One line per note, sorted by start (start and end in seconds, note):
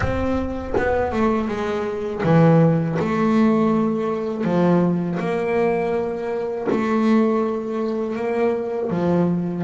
0.00 0.73 C4
0.77 1.12 B3
1.12 1.48 A3
1.48 2.22 G#3
2.23 2.97 E3
2.99 4.44 A3
4.44 5.18 F3
5.19 6.67 A#3
6.70 8.16 A3
8.16 8.90 A#3
8.90 9.63 F3